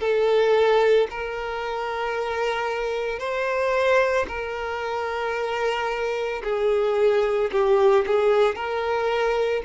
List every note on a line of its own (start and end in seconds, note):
0.00 1.07 A4
1.10 3.19 A#4
3.19 4.26 C5
4.28 6.42 A#4
6.43 7.50 G#4
7.51 8.05 G4
8.07 8.56 G#4
8.56 9.63 A#4